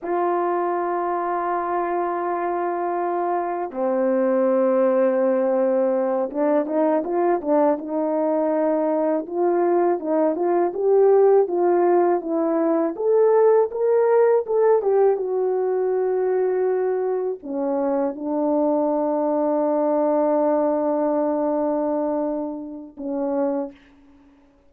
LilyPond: \new Staff \with { instrumentName = "horn" } { \time 4/4 \tempo 4 = 81 f'1~ | f'4 c'2.~ | c'8 d'8 dis'8 f'8 d'8 dis'4.~ | dis'8 f'4 dis'8 f'8 g'4 f'8~ |
f'8 e'4 a'4 ais'4 a'8 | g'8 fis'2. cis'8~ | cis'8 d'2.~ d'8~ | d'2. cis'4 | }